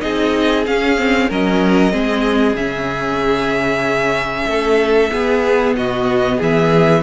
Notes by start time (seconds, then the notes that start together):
0.00 C4 D#4 G#4 D#5
0.66 C#4 F5
0.97 C4
1.29 F#3 C#4 A#4 D#5
1.91 G#3 C4 G#4
2.54 C#3 C#4 E5
4.46 A3 A4
5.11 B3 G#4
5.75 B2 F#4 D#5
6.38 E3 G#4 E5